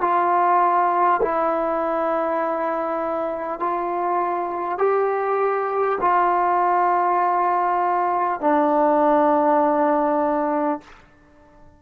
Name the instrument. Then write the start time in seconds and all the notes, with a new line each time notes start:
trombone
0.00 F4
1.22 E4
3.59 F4
4.78 G4
6.00 F4
8.40 D4